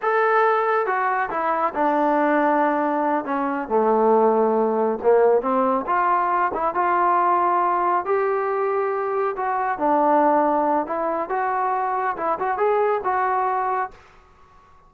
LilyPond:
\new Staff \with { instrumentName = "trombone" } { \time 4/4 \tempo 4 = 138 a'2 fis'4 e'4 | d'2.~ d'8 cis'8~ | cis'8 a2. ais8~ | ais8 c'4 f'4. e'8 f'8~ |
f'2~ f'8 g'4.~ | g'4. fis'4 d'4.~ | d'4 e'4 fis'2 | e'8 fis'8 gis'4 fis'2 | }